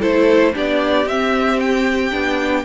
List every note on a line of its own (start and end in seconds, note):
0.00 0.56 A3
0.00 0.54 E4
0.00 0.53 A4
0.00 0.55 C5
0.54 1.06 B3
0.54 1.06 D4
0.54 2.65 G4
0.54 1.08 D5
1.06 2.12 C4
1.06 2.11 C4
1.06 1.60 E5
1.60 2.65 G5
2.11 2.65 B3
2.11 2.64 D4